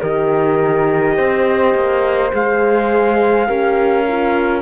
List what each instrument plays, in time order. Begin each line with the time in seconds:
0.00 cello D#3, horn G4, flute A#4, trumpet D#5
1.16 cello C4, flute C5
1.74 cello A#3
2.32 cello G#3, horn G#4, trumpet F5
3.46 cello C#4, horn G4, flute A#4
4.07 horn F4